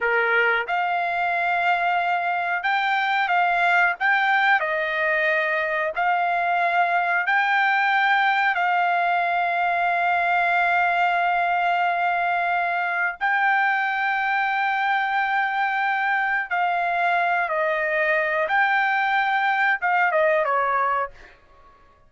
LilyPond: \new Staff \with { instrumentName = "trumpet" } { \time 4/4 \tempo 4 = 91 ais'4 f''2. | g''4 f''4 g''4 dis''4~ | dis''4 f''2 g''4~ | g''4 f''2.~ |
f''1 | g''1~ | g''4 f''4. dis''4. | g''2 f''8 dis''8 cis''4 | }